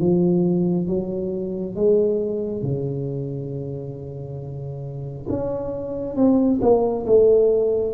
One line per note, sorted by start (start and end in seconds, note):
0.00 0.88 F3
0.88 1.76 F#3
1.76 2.63 G#3
2.63 5.27 C#3
5.29 6.16 C#4
6.16 6.60 C4
6.62 7.06 A#3
7.07 7.94 A3